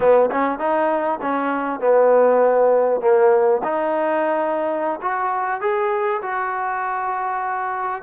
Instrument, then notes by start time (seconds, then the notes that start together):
trombone
0.00 B3
0.31 C#4
0.58 D#4
1.21 C#4
1.80 B3
3.01 A#3
3.63 D#4
5.01 F#4
5.60 G#4
6.21 F#4